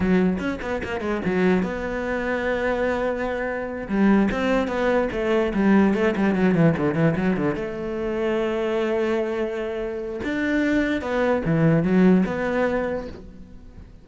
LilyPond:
\new Staff \with { instrumentName = "cello" } { \time 4/4 \tempo 4 = 147 fis4 cis'8 b8 ais8 gis8 fis4 | b1~ | b4. g4 c'4 b8~ | b8 a4 g4 a8 g8 fis8 |
e8 d8 e8 fis8 d8 a4.~ | a1~ | a4 d'2 b4 | e4 fis4 b2 | }